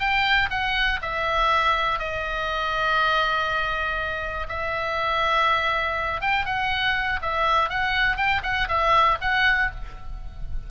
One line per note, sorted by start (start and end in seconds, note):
0.00 0.50 G5
0.50 1.00 F#5
1.02 1.99 E5
1.99 4.47 D#5
4.49 6.21 E5
6.21 6.46 G5
6.46 7.20 F#5
7.22 7.69 E5
7.69 8.17 F#5
8.17 8.42 G5
8.43 8.68 F#5
8.68 9.18 E5
9.21 9.71 F#5